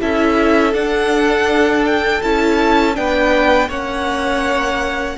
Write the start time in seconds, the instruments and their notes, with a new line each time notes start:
0.00 cello C#4, viola E4, violin A4 E5
0.72 viola D4, cello D4, violin F#5
1.86 violin G5
2.22 cello C#4, viola E4, violin A5
2.94 cello B3, viola D4, violin B4 G5
3.68 cello A#3, viola C#4, violin C#5 F#5